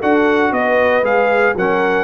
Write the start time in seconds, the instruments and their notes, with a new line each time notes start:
0.00 tuba D4, trombone F#4, horn A4, trumpet F#5
0.52 tuba B3, horn B4, trumpet D#5
1.03 tuba G#3, trombone G#4, trumpet F5
1.56 tuba F#3, trombone C#4, horn A#4, trumpet F#5